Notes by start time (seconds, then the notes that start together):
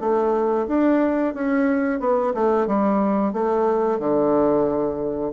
0.00 A3
0.68 D4
1.34 C#4
2.00 B3
2.34 A3
2.67 G3
3.33 A3
3.99 D3